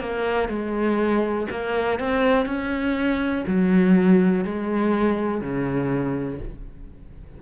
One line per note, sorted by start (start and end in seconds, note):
0.00 0.48 A#3
0.48 1.47 G#3
1.51 1.99 A#3
1.99 2.45 C4
2.45 3.44 C#4
3.47 4.44 F#3
4.44 5.41 G#3
5.41 6.39 C#3